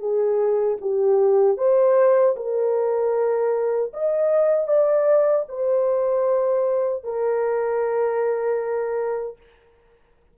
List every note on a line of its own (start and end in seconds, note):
0.00 0.78 G#4
0.81 1.58 G4
1.58 2.36 C5
2.37 3.92 A#4
3.94 4.68 D#5
4.68 5.46 D5
5.49 7.04 C5
7.04 9.38 A#4